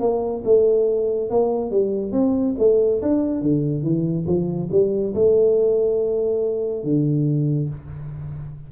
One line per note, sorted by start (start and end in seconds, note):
0.00 0.43 A#3
0.44 1.30 A3
1.30 1.71 A#3
1.71 2.12 G3
2.12 2.55 C4
2.59 3.02 A3
3.02 3.42 D4
3.42 3.83 D3
3.83 4.26 E3
4.27 4.69 F3
4.71 5.14 G3
5.14 6.84 A3
6.84 7.69 D3